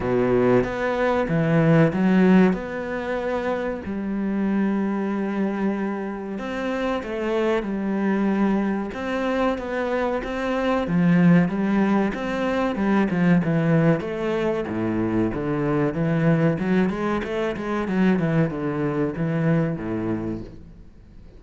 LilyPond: \new Staff \with { instrumentName = "cello" } { \time 4/4 \tempo 4 = 94 b,4 b4 e4 fis4 | b2 g2~ | g2 c'4 a4 | g2 c'4 b4 |
c'4 f4 g4 c'4 | g8 f8 e4 a4 a,4 | d4 e4 fis8 gis8 a8 gis8 | fis8 e8 d4 e4 a,4 | }